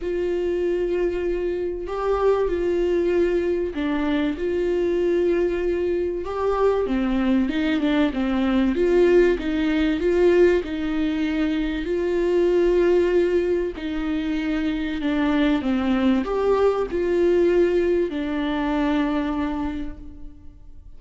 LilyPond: \new Staff \with { instrumentName = "viola" } { \time 4/4 \tempo 4 = 96 f'2. g'4 | f'2 d'4 f'4~ | f'2 g'4 c'4 | dis'8 d'8 c'4 f'4 dis'4 |
f'4 dis'2 f'4~ | f'2 dis'2 | d'4 c'4 g'4 f'4~ | f'4 d'2. | }